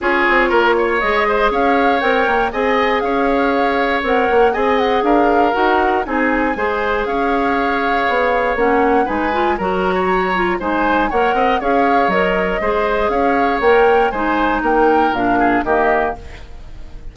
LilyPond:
<<
  \new Staff \with { instrumentName = "flute" } { \time 4/4 \tempo 4 = 119 cis''2 dis''4 f''4 | g''4 gis''4 f''2 | fis''4 gis''8 fis''8 f''4 fis''4 | gis''2 f''2~ |
f''4 fis''4 gis''4 ais''4~ | ais''4 gis''4 fis''4 f''4 | dis''2 f''4 g''4 | gis''4 g''4 f''4 dis''4 | }
  \new Staff \with { instrumentName = "oboe" } { \time 4/4 gis'4 ais'8 cis''4 c''8 cis''4~ | cis''4 dis''4 cis''2~ | cis''4 dis''4 ais'2 | gis'4 c''4 cis''2~ |
cis''2 b'4 ais'8. cis''16~ | cis''4 c''4 cis''8 dis''8 cis''4~ | cis''4 c''4 cis''2 | c''4 ais'4. gis'8 g'4 | }
  \new Staff \with { instrumentName = "clarinet" } { \time 4/4 f'2 gis'2 | ais'4 gis'2. | ais'4 gis'2 fis'4 | dis'4 gis'2.~ |
gis'4 cis'4 dis'8 f'8 fis'4~ | fis'8 f'8 dis'4 ais'4 gis'4 | ais'4 gis'2 ais'4 | dis'2 d'4 ais4 | }
  \new Staff \with { instrumentName = "bassoon" } { \time 4/4 cis'8 c'8 ais4 gis4 cis'4 | c'8 ais8 c'4 cis'2 | c'8 ais8 c'4 d'4 dis'4 | c'4 gis4 cis'2 |
b4 ais4 gis4 fis4~ | fis4 gis4 ais8 c'8 cis'4 | fis4 gis4 cis'4 ais4 | gis4 ais4 ais,4 dis4 | }
>>